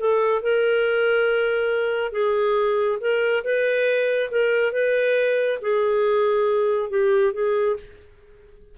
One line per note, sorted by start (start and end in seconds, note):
0.00 0.43 A4
0.43 2.12 A#4
2.12 2.99 G#4
3.01 3.44 A#4
3.45 4.31 B4
4.31 4.73 A#4
4.73 5.59 B4
5.62 6.91 G#4
6.91 7.34 G4
7.34 7.77 G#4